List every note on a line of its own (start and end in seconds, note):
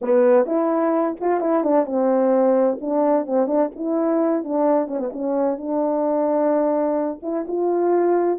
0.01 0.45 B3
0.45 1.15 E4
1.20 1.40 F4
1.40 1.63 E4
1.63 1.85 D4
1.85 2.78 C4
2.80 3.26 D4
3.26 3.47 C4
3.47 3.70 D4
3.75 4.44 E4
4.44 4.87 D4
4.87 4.98 C#4
4.98 5.10 B3
5.12 5.57 C#4
5.57 7.20 D4
7.22 7.45 E4
7.47 8.39 F4